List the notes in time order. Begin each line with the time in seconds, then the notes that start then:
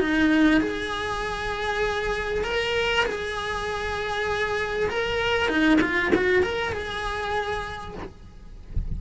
0.00 D#4
0.61 G#4
2.44 A#4
3.06 G#4
4.90 A#4
5.49 D#4
5.82 F4
6.15 F#4
6.43 A#4
6.73 G#4